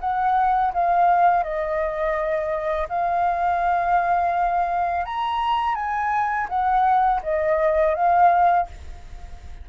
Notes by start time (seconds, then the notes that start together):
0.00 F#5
0.73 F5
1.43 D#5
2.89 F5
5.05 A#5
5.75 G#5
6.49 F#5
7.23 D#5
7.95 F5